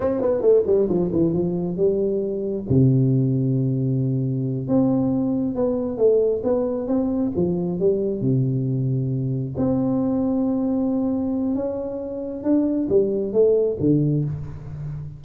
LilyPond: \new Staff \with { instrumentName = "tuba" } { \time 4/4 \tempo 4 = 135 c'8 b8 a8 g8 f8 e8 f4 | g2 c2~ | c2~ c8 c'4.~ | c'8 b4 a4 b4 c'8~ |
c'8 f4 g4 c4.~ | c4. c'2~ c'8~ | c'2 cis'2 | d'4 g4 a4 d4 | }